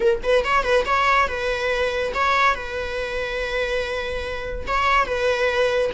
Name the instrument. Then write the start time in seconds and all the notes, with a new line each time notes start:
viola
0.00 A#4
0.23 B4
0.44 C#5
0.63 B4
0.85 C#5
1.28 B4
2.14 C#5
2.54 B4
4.67 C#5
5.06 B4